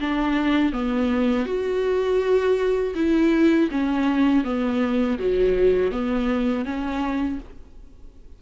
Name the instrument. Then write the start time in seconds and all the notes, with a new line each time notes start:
viola
0.00 D4
0.72 B3
1.45 F#4
2.95 E4
3.71 C#4
4.44 B3
5.18 F#3
5.91 B3
6.65 C#4